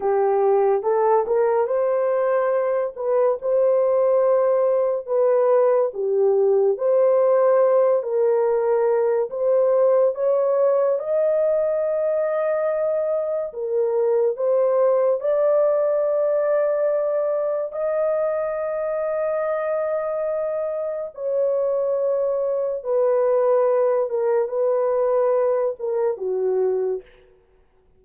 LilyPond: \new Staff \with { instrumentName = "horn" } { \time 4/4 \tempo 4 = 71 g'4 a'8 ais'8 c''4. b'8 | c''2 b'4 g'4 | c''4. ais'4. c''4 | cis''4 dis''2. |
ais'4 c''4 d''2~ | d''4 dis''2.~ | dis''4 cis''2 b'4~ | b'8 ais'8 b'4. ais'8 fis'4 | }